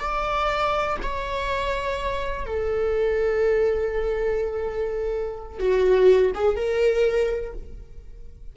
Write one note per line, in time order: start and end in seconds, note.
0.00 0.97 D5
1.03 2.46 C#5
2.46 5.59 A4
5.59 6.32 F#4
6.35 6.56 G#4
6.56 7.53 A#4